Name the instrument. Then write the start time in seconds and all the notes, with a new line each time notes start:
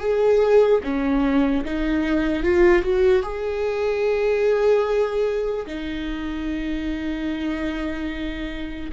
viola
0.00 G#4
0.84 C#4
1.65 D#4
2.44 F4
2.83 F#4
3.23 G#4
5.67 D#4